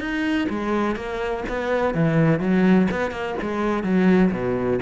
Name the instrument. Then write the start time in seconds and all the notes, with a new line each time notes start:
cello
0.00 D#4
0.50 G#3
0.96 A#3
1.49 B3
1.94 E3
2.40 F#3
2.91 B3
3.11 A#3
3.41 G#3
3.84 F#3
4.32 B2